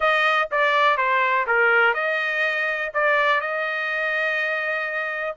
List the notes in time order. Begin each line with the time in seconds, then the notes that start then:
0.00 D#5
0.51 D5
0.97 C5
1.46 A#4
1.94 D#5
2.94 D5
3.40 D#5